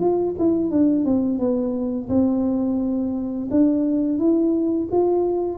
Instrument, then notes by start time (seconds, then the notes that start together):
tuba
0.00 F4
0.39 E4
0.71 D4
1.06 C4
1.39 B3
2.09 C4
3.51 D4
4.19 E4
4.92 F4